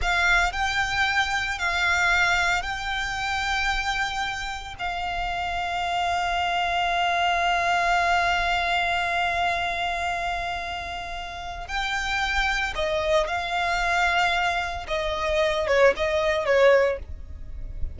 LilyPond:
\new Staff \with { instrumentName = "violin" } { \time 4/4 \tempo 4 = 113 f''4 g''2 f''4~ | f''4 g''2.~ | g''4 f''2.~ | f''1~ |
f''1~ | f''2 g''2 | dis''4 f''2. | dis''4. cis''8 dis''4 cis''4 | }